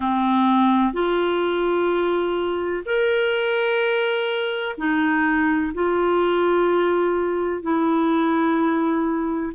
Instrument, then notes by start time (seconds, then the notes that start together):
clarinet
0.00 C4
0.93 F4
2.85 A#4
4.77 D#4
5.73 F4
7.62 E4